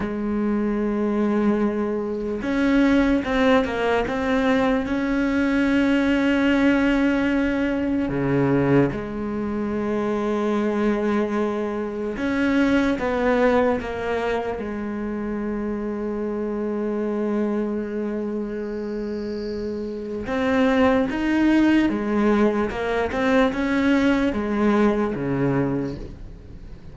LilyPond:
\new Staff \with { instrumentName = "cello" } { \time 4/4 \tempo 4 = 74 gis2. cis'4 | c'8 ais8 c'4 cis'2~ | cis'2 cis4 gis4~ | gis2. cis'4 |
b4 ais4 gis2~ | gis1~ | gis4 c'4 dis'4 gis4 | ais8 c'8 cis'4 gis4 cis4 | }